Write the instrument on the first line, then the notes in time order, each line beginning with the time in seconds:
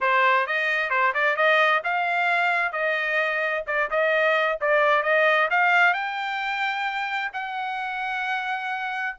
trumpet
0.00 C5
0.46 D#5
0.89 C5
1.13 D5
1.36 D#5
1.84 F5
2.72 D#5
3.66 D5
3.90 D#5
4.60 D5
5.03 D#5
5.50 F5
5.93 G5
7.33 F#5